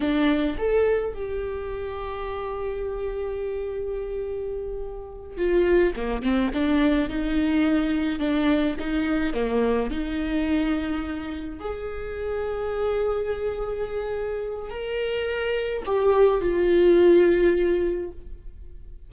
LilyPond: \new Staff \with { instrumentName = "viola" } { \time 4/4 \tempo 4 = 106 d'4 a'4 g'2~ | g'1~ | g'4. f'4 ais8 c'8 d'8~ | d'8 dis'2 d'4 dis'8~ |
dis'8 ais4 dis'2~ dis'8~ | dis'8 gis'2.~ gis'8~ | gis'2 ais'2 | g'4 f'2. | }